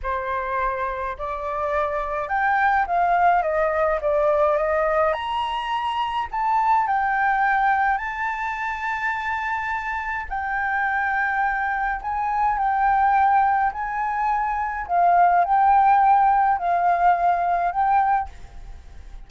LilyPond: \new Staff \with { instrumentName = "flute" } { \time 4/4 \tempo 4 = 105 c''2 d''2 | g''4 f''4 dis''4 d''4 | dis''4 ais''2 a''4 | g''2 a''2~ |
a''2 g''2~ | g''4 gis''4 g''2 | gis''2 f''4 g''4~ | g''4 f''2 g''4 | }